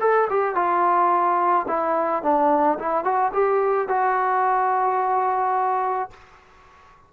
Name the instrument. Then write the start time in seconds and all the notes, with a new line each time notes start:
trombone
0.00 A4
0.30 G4
0.55 F4
1.67 E4
2.22 D4
2.79 E4
3.04 F#4
3.33 G4
3.88 F#4